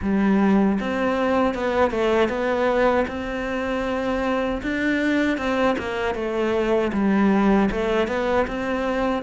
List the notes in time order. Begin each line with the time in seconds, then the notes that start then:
0.02 G3
0.79 C4
1.54 B3
1.90 A3
2.28 B3
3.07 C4
4.62 D4
5.37 C4
5.78 A#3
6.14 A3
6.92 G3
7.71 A3
8.07 B3
8.47 C4